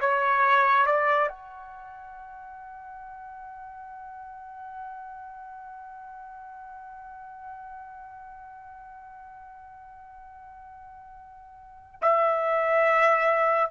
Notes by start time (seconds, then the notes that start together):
0.00 C#5
0.86 D5
1.29 F#5
12.02 E5